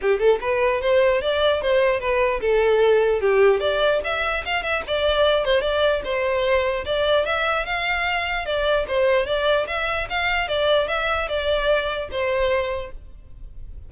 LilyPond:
\new Staff \with { instrumentName = "violin" } { \time 4/4 \tempo 4 = 149 g'8 a'8 b'4 c''4 d''4 | c''4 b'4 a'2 | g'4 d''4 e''4 f''8 e''8 | d''4. c''8 d''4 c''4~ |
c''4 d''4 e''4 f''4~ | f''4 d''4 c''4 d''4 | e''4 f''4 d''4 e''4 | d''2 c''2 | }